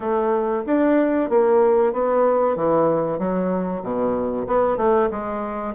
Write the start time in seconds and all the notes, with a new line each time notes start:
0.00 A3
0.66 D4
1.29 A#3
1.92 B3
2.56 E3
3.18 F#3
3.82 B2
4.47 B3
4.77 A3
5.10 G#3